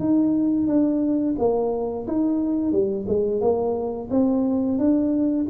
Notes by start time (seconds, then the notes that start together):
0.00 D#4
0.68 D4
1.39 A#3
2.08 D#4
2.72 G3
3.08 G#3
3.41 A#3
4.11 C4
4.79 D4